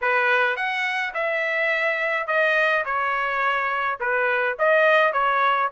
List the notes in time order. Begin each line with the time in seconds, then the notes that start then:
0.01 B4
0.56 F#5
1.14 E5
2.27 D#5
2.85 C#5
3.99 B4
4.59 D#5
5.12 C#5